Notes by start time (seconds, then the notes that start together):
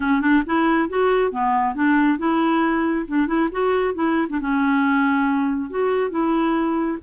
0.00 C#4
0.21 D4
0.46 E4
0.89 F#4
1.31 B3
1.74 D4
2.18 E4
3.07 D4
3.27 E4
3.51 F#4
3.94 E4
4.29 D4
4.40 C#4
5.70 F#4
6.10 E4